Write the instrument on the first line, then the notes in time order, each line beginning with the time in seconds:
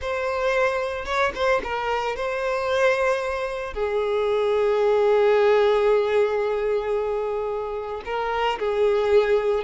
violin
0.01 C5
1.05 C#5
1.34 C5
1.63 A#4
2.16 C5
3.73 G#4
8.05 A#4
8.59 G#4